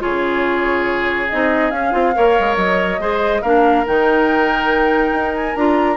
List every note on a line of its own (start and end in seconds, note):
0.00 1.33 C#3
0.00 1.28 F4
0.00 2.16 G#4
0.00 1.29 C#5
1.29 1.72 C4
1.29 1.73 D#4
1.29 1.71 D#5
1.71 1.93 C#4
1.71 1.92 C#4
1.71 2.56 F5
1.92 2.15 C4
1.92 2.13 F4
2.15 2.39 A#3
2.15 3.00 A#4
2.15 3.01 C#5
2.40 2.57 G#3
2.57 2.99 F#3
2.57 3.42 D#5
3.00 3.42 G#3
3.00 3.43 G#4
3.00 3.42 C5
3.42 3.86 A#3
3.42 3.87 D4
3.42 5.97 A#4
3.42 3.85 F5
3.87 5.12 D#3
3.87 5.57 D#4
3.87 5.36 G5
5.12 5.55 D#4
5.36 5.56 G#5
5.56 5.97 D4
5.56 5.97 F4
5.56 5.97 A#5